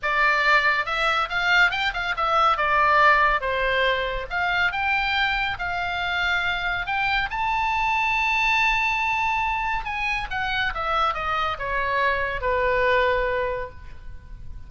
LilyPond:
\new Staff \with { instrumentName = "oboe" } { \time 4/4 \tempo 4 = 140 d''2 e''4 f''4 | g''8 f''8 e''4 d''2 | c''2 f''4 g''4~ | g''4 f''2. |
g''4 a''2.~ | a''2. gis''4 | fis''4 e''4 dis''4 cis''4~ | cis''4 b'2. | }